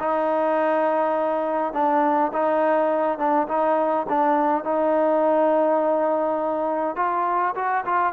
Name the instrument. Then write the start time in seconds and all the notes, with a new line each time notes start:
trombone
0.00 D#4
1.74 D4
2.34 D#4
3.19 D4
3.48 D#4
4.09 D4
4.64 D#4
6.97 F4
7.56 F#4
7.86 F4